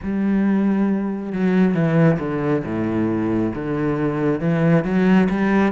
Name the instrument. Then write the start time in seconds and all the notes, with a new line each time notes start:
cello
0.02 G3
1.32 F#3
1.74 E3
2.19 D3
2.64 A2
3.55 D3
4.40 E3
4.84 F#3
5.29 G3